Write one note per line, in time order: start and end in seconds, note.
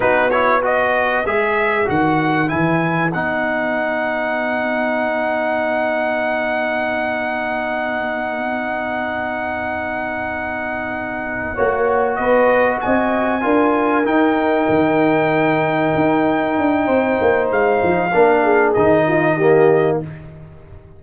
0.00 1.24 B3
0.00 0.30 D#4
0.00 0.63 F#4
0.00 0.30 B4
0.30 0.62 E4
0.30 0.61 C#5
0.62 1.24 F#4
0.62 11.54 B4
0.62 1.26 D#5
1.24 1.86 G#3
1.24 1.85 G#4
1.24 1.88 E5
1.85 2.51 D#3
1.85 2.47 F#4
1.85 2.48 F#5
2.47 3.14 E3
2.47 3.10 E4
2.47 3.11 G#5
3.12 11.57 B3
3.12 11.57 D#4
3.12 12.15 F#5
11.54 12.18 A#3
11.54 13.41 F#4
11.54 12.17 C#5
12.15 12.81 B3
12.15 12.82 B4
12.15 12.78 D#5
12.80 13.44 C4
12.80 13.43 D#5
12.80 14.05 G#5
13.41 14.04 D4
13.41 14.03 F4
13.41 16.85 A#4
14.04 18.10 D#4
14.04 14.67 D#4
14.04 17.49 G5
14.68 15.93 D#3
15.95 16.57 D#4
16.58 16.87 D4
16.85 17.18 C4
16.85 18.10 C5
17.20 17.50 A#3
17.50 17.82 G#3
17.50 18.73 F5
17.83 18.13 F3
18.13 18.76 A#3
18.13 18.75 D4
18.13 18.43 A#4
18.43 19.05 G#4
18.73 20.02 D#3
18.73 19.40 D#4
18.73 19.98 D#5
19.08 19.36 F4
19.36 20.03 A#3
19.36 19.99 G4